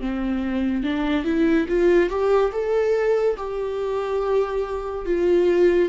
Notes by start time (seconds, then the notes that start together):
0.00 C4
0.83 D4
1.24 E4
1.68 F4
2.09 G4
2.52 A4
3.37 G4
5.06 F4